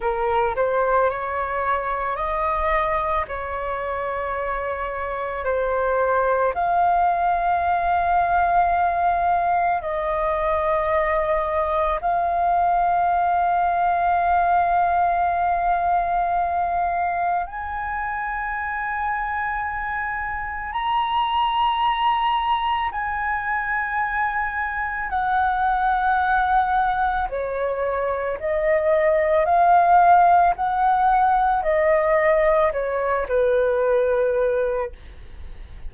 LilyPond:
\new Staff \with { instrumentName = "flute" } { \time 4/4 \tempo 4 = 55 ais'8 c''8 cis''4 dis''4 cis''4~ | cis''4 c''4 f''2~ | f''4 dis''2 f''4~ | f''1 |
gis''2. ais''4~ | ais''4 gis''2 fis''4~ | fis''4 cis''4 dis''4 f''4 | fis''4 dis''4 cis''8 b'4. | }